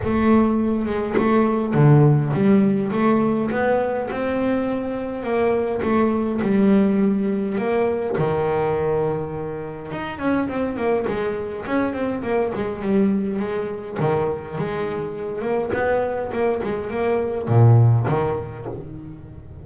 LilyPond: \new Staff \with { instrumentName = "double bass" } { \time 4/4 \tempo 4 = 103 a4. gis8 a4 d4 | g4 a4 b4 c'4~ | c'4 ais4 a4 g4~ | g4 ais4 dis2~ |
dis4 dis'8 cis'8 c'8 ais8 gis4 | cis'8 c'8 ais8 gis8 g4 gis4 | dis4 gis4. ais8 b4 | ais8 gis8 ais4 ais,4 dis4 | }